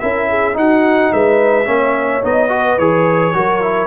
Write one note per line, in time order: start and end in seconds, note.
0.00 0.55 C#4
0.00 0.53 E4
0.00 0.29 A#4
0.00 0.56 E5
0.29 0.57 G#4
0.53 1.64 D#4
0.53 1.10 D#4
0.53 1.13 F#4
0.53 1.13 F#5
1.13 1.67 G#3
1.13 1.68 B4
1.13 2.24 E5
1.66 2.22 A#3
1.66 2.21 C#4
1.66 2.51 C#5
2.22 2.78 B3
2.22 2.49 D#4
2.22 2.78 D#5
2.49 2.77 F#4
2.49 3.35 B4
2.78 3.34 E3
2.78 3.34 G#4
2.78 3.87 C#5
3.34 3.87 F#3
3.34 3.61 F#4
3.34 3.87 A#4
3.61 3.87 E4